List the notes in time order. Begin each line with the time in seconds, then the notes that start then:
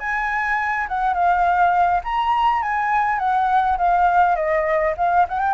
0.00 G#5
0.89 F#5
1.14 F5
2.04 A#5
2.63 G#5
3.19 F#5
3.78 F5
4.36 D#5
4.98 F5
5.29 F#5
5.40 G5